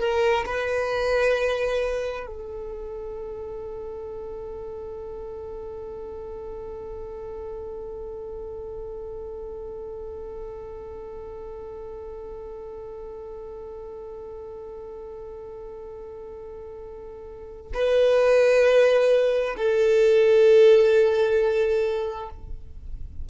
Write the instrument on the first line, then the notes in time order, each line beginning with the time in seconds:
violin
0.00 A#4
0.46 B4
2.27 A4
17.74 B4
19.57 A4